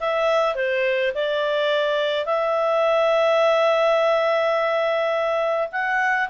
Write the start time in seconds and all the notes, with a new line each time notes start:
0.00 E5
0.56 C5
1.15 D5
2.26 E5
5.72 F#5